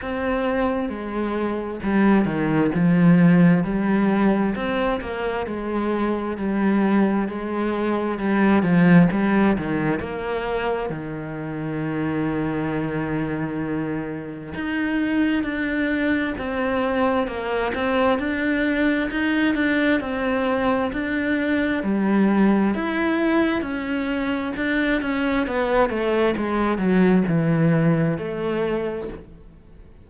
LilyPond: \new Staff \with { instrumentName = "cello" } { \time 4/4 \tempo 4 = 66 c'4 gis4 g8 dis8 f4 | g4 c'8 ais8 gis4 g4 | gis4 g8 f8 g8 dis8 ais4 | dis1 |
dis'4 d'4 c'4 ais8 c'8 | d'4 dis'8 d'8 c'4 d'4 | g4 e'4 cis'4 d'8 cis'8 | b8 a8 gis8 fis8 e4 a4 | }